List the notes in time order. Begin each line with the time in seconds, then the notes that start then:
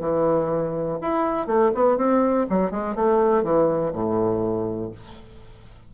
0.00 E3
1.01 E4
1.47 A3
1.74 B3
1.97 C4
2.50 F#3
2.71 G#3
2.96 A3
3.43 E3
3.93 A2